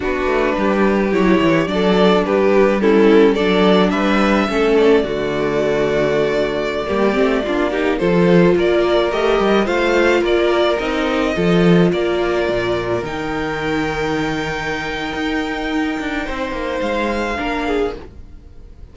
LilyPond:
<<
  \new Staff \with { instrumentName = "violin" } { \time 4/4 \tempo 4 = 107 b'2 cis''4 d''4 | b'4 a'4 d''4 e''4~ | e''8 d''2.~ d''8~ | d''2~ d''16 c''4 d''8.~ |
d''16 dis''4 f''4 d''4 dis''8.~ | dis''4~ dis''16 d''2 g''8.~ | g''1~ | g''2 f''2 | }
  \new Staff \with { instrumentName = "violin" } { \time 4/4 fis'4 g'2 a'4 | g'4 e'4 a'4 b'4 | a'4 fis'2.~ | fis'16 g'4 f'8 g'8 a'4 ais'8.~ |
ais'4~ ais'16 c''4 ais'4.~ ais'16~ | ais'16 a'4 ais'2~ ais'8.~ | ais'1~ | ais'4 c''2 ais'8 gis'8 | }
  \new Staff \with { instrumentName = "viola" } { \time 4/4 d'2 e'4 d'4~ | d'4 cis'4 d'2 | cis'4 a2.~ | a16 ais8 c'8 d'8 dis'8 f'4.~ f'16~ |
f'16 g'4 f'2 dis'8.~ | dis'16 f'2. dis'8.~ | dis'1~ | dis'2. d'4 | }
  \new Staff \with { instrumentName = "cello" } { \time 4/4 b8 a8 g4 fis8 e8 fis4 | g2 fis4 g4 | a4 d2.~ | d16 g8 a8 ais4 f4 ais8.~ |
ais16 a8 g8 a4 ais4 c'8.~ | c'16 f4 ais4 ais,4 dis8.~ | dis2. dis'4~ | dis'8 d'8 c'8 ais8 gis4 ais4 | }
>>